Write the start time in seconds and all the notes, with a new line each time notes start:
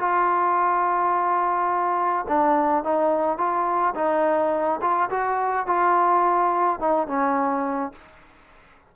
0.00 F4
2.29 D4
2.84 D#4
3.38 F4
3.96 D#4
4.82 F4
5.10 F#4
5.67 F4
6.80 D#4
7.08 C#4